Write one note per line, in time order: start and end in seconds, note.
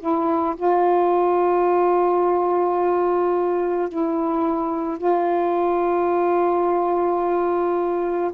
0.00 0.56 E4
0.57 3.89 F4
3.89 4.98 E4
4.98 8.32 F4